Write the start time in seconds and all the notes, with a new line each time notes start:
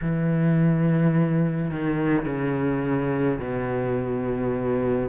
0.01 E3
1.70 D#3
2.25 C#3
3.39 B2